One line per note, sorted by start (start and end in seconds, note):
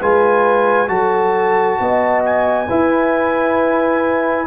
0.00 0.89 G#3
0.00 0.88 F4
0.00 0.90 B4
0.00 0.89 G#5
0.88 1.79 F#3
0.88 2.67 F#4
0.88 1.80 A4
0.88 2.23 A5
1.80 2.70 B3
1.80 2.67 D#5
2.25 4.48 G#5
2.67 4.48 E4
2.67 4.46 B4